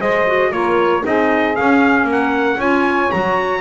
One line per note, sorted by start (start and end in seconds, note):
0.00 0.51 G#3
0.00 0.27 G#4
0.00 0.52 C5
0.00 0.52 D#5
0.27 0.52 F#4
0.51 1.03 A#3
0.51 1.02 F4
0.51 1.04 A#4
0.51 1.04 C#5
1.02 1.58 C4
1.02 1.54 D#4
1.02 2.07 G#4
1.02 1.56 D#5
1.56 2.59 C#4
1.56 2.04 C#4
1.56 2.07 F5
2.04 2.56 A#3
2.04 2.57 A#4
2.12 2.61 F#5
2.57 3.09 C#4
2.57 3.11 F4
2.57 3.61 C#5
2.57 3.11 G#5
3.11 3.61 F#3
3.11 3.61 F#4
3.11 3.61 A#5